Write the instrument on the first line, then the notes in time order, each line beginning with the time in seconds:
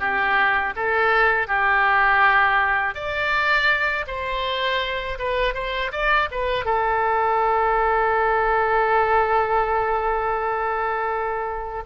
oboe
0.00 G4
0.76 A4
1.47 G4
2.95 D5
4.07 C5
5.19 B4
5.55 C5
5.92 D5
6.31 B4
6.65 A4